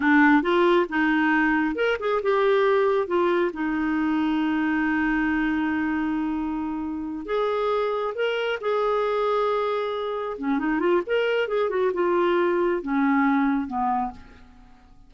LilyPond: \new Staff \with { instrumentName = "clarinet" } { \time 4/4 \tempo 4 = 136 d'4 f'4 dis'2 | ais'8 gis'8 g'2 f'4 | dis'1~ | dis'1~ |
dis'8 gis'2 ais'4 gis'8~ | gis'2.~ gis'8 cis'8 | dis'8 f'8 ais'4 gis'8 fis'8 f'4~ | f'4 cis'2 b4 | }